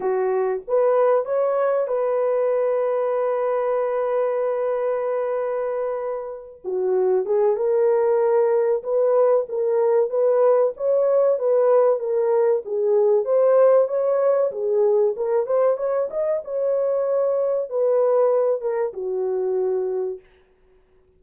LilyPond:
\new Staff \with { instrumentName = "horn" } { \time 4/4 \tempo 4 = 95 fis'4 b'4 cis''4 b'4~ | b'1~ | b'2~ b'8 fis'4 gis'8 | ais'2 b'4 ais'4 |
b'4 cis''4 b'4 ais'4 | gis'4 c''4 cis''4 gis'4 | ais'8 c''8 cis''8 dis''8 cis''2 | b'4. ais'8 fis'2 | }